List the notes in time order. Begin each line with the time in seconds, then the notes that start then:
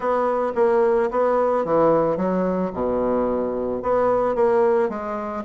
0.00 B3
0.55 A#3
1.10 B3
1.64 E3
2.16 F#3
2.73 B2
3.82 B3
4.35 A#3
4.89 G#3